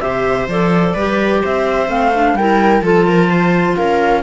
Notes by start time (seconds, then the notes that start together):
0.00 C3 G4 C5 E5
0.47 F3 A4 D5
0.94 G3 G4 B4
1.42 C4 C5 E5
1.87 A3 C4 F5
2.14 D4
2.33 G3 E4 A#4 G5
2.81 F3 F4 A4 A5
3.07 A#4
3.29 C5
3.75 C#4 A#4 F5